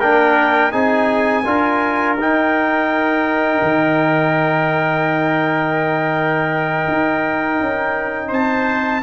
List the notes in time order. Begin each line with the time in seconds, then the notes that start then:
0.00 A#3 D4 A#4 G5
0.72 C4 D#4 G#4 G#5
1.46 D4 F4 A#4
2.17 D#4 G5
3.62 D#3
6.88 D#4
7.60 C#4
8.28 C4 C5 A5